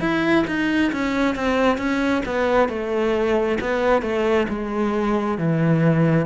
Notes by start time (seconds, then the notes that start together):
0.00 E4
0.48 D#4
0.92 C#4
1.36 C4
1.78 C#4
2.26 B3
2.69 A3
3.61 B3
4.02 A3
4.49 G#3
5.38 E3